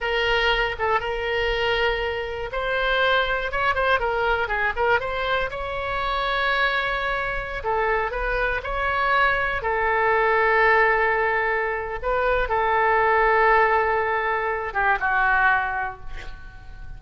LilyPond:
\new Staff \with { instrumentName = "oboe" } { \time 4/4 \tempo 4 = 120 ais'4. a'8 ais'2~ | ais'4 c''2 cis''8 c''8 | ais'4 gis'8 ais'8 c''4 cis''4~ | cis''2.~ cis''16 a'8.~ |
a'16 b'4 cis''2 a'8.~ | a'1 | b'4 a'2.~ | a'4. g'8 fis'2 | }